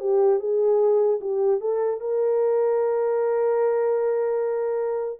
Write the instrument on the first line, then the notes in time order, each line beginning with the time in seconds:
horn
0.00 G4
0.40 G#4
1.21 G4
1.60 A4
2.00 A#4